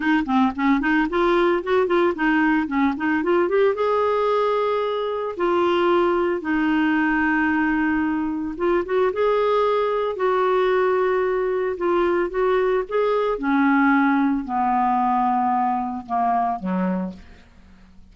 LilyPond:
\new Staff \with { instrumentName = "clarinet" } { \time 4/4 \tempo 4 = 112 dis'8 c'8 cis'8 dis'8 f'4 fis'8 f'8 | dis'4 cis'8 dis'8 f'8 g'8 gis'4~ | gis'2 f'2 | dis'1 |
f'8 fis'8 gis'2 fis'4~ | fis'2 f'4 fis'4 | gis'4 cis'2 b4~ | b2 ais4 fis4 | }